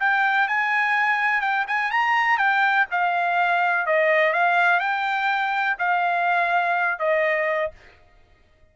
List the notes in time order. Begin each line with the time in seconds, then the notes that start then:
0.00 G5
0.48 G#5
1.42 G5
1.68 G#5
1.92 A#5
2.38 G5
2.91 F5
3.87 D#5
4.33 F5
4.80 G5
5.79 F5
6.99 D#5